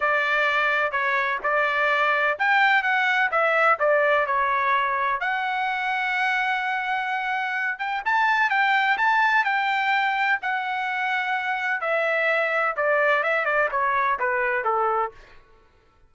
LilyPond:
\new Staff \with { instrumentName = "trumpet" } { \time 4/4 \tempo 4 = 127 d''2 cis''4 d''4~ | d''4 g''4 fis''4 e''4 | d''4 cis''2 fis''4~ | fis''1~ |
fis''8 g''8 a''4 g''4 a''4 | g''2 fis''2~ | fis''4 e''2 d''4 | e''8 d''8 cis''4 b'4 a'4 | }